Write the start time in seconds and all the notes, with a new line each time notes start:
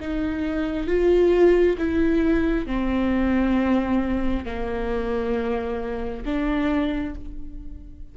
0.00 D#4
0.87 F4
1.78 E4
2.66 C4
4.45 A#3
6.25 D4